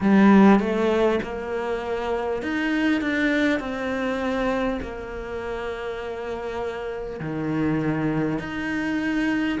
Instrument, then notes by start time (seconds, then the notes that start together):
cello
0.01 G3
0.59 A3
1.22 A#3
2.42 D#4
3.01 D4
3.59 C4
4.82 A#3
7.20 D#3
8.38 D#4